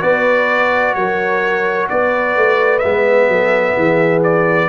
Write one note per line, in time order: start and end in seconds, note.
0.00 0.95 B3
0.00 2.81 F#4
0.00 0.96 B4
0.00 0.94 D5
0.94 1.88 F#3
0.94 1.90 A#4
0.94 1.88 C#5
1.89 2.36 B3
1.89 3.31 B4
1.89 2.79 D5
2.36 2.83 A3
2.79 3.28 G#3
2.79 4.69 B3
2.79 4.19 E5
3.28 3.75 F#3
3.28 3.76 A4
3.76 4.69 E3
3.76 4.69 G#4
4.23 4.69 D5